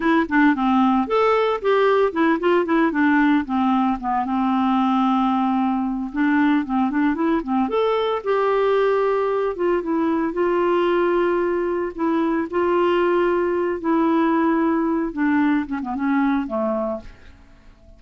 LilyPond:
\new Staff \with { instrumentName = "clarinet" } { \time 4/4 \tempo 4 = 113 e'8 d'8 c'4 a'4 g'4 | e'8 f'8 e'8 d'4 c'4 b8 | c'2.~ c'8 d'8~ | d'8 c'8 d'8 e'8 c'8 a'4 g'8~ |
g'2 f'8 e'4 f'8~ | f'2~ f'8 e'4 f'8~ | f'2 e'2~ | e'8 d'4 cis'16 b16 cis'4 a4 | }